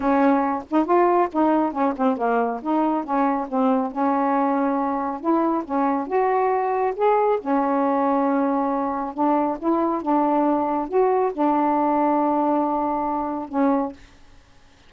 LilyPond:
\new Staff \with { instrumentName = "saxophone" } { \time 4/4 \tempo 4 = 138 cis'4. dis'8 f'4 dis'4 | cis'8 c'8 ais4 dis'4 cis'4 | c'4 cis'2. | e'4 cis'4 fis'2 |
gis'4 cis'2.~ | cis'4 d'4 e'4 d'4~ | d'4 fis'4 d'2~ | d'2. cis'4 | }